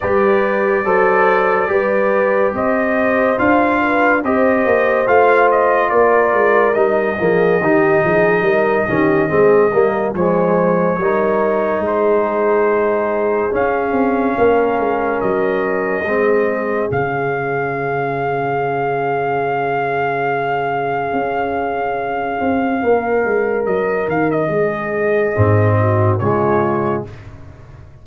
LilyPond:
<<
  \new Staff \with { instrumentName = "trumpet" } { \time 4/4 \tempo 4 = 71 d''2. dis''4 | f''4 dis''4 f''8 dis''8 d''4 | dis''1 | cis''2 c''2 |
f''2 dis''2 | f''1~ | f''1 | dis''8 f''16 dis''2~ dis''16 cis''4 | }
  \new Staff \with { instrumentName = "horn" } { \time 4/4 b'4 c''4 b'4 c''4~ | c''8 b'8 c''2 ais'4~ | ais'8 gis'8 g'8 gis'8 ais'8 g'8 gis'8 ais'8 | c''4 ais'4 gis'2~ |
gis'4 ais'2 gis'4~ | gis'1~ | gis'2. ais'4~ | ais'4 gis'4. fis'8 f'4 | }
  \new Staff \with { instrumentName = "trombone" } { \time 4/4 g'4 a'4 g'2 | f'4 g'4 f'2 | dis'8 ais8 dis'4. cis'8 c'8 ais8 | gis4 dis'2. |
cis'2. c'4 | cis'1~ | cis'1~ | cis'2 c'4 gis4 | }
  \new Staff \with { instrumentName = "tuba" } { \time 4/4 g4 fis4 g4 c'4 | d'4 c'8 ais8 a4 ais8 gis8 | g8 f8 dis8 f8 g8 dis8 gis8 g8 | f4 g4 gis2 |
cis'8 c'8 ais8 gis8 fis4 gis4 | cis1~ | cis4 cis'4. c'8 ais8 gis8 | fis8 dis8 gis4 gis,4 cis4 | }
>>